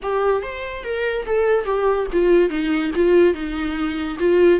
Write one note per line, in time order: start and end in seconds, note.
0.02 0.42 G4
0.42 0.84 C5
0.84 1.25 A#4
1.26 1.65 A4
1.65 2.06 G4
2.12 2.49 F4
2.49 2.91 D#4
2.95 3.34 F4
3.34 4.17 D#4
4.19 4.59 F4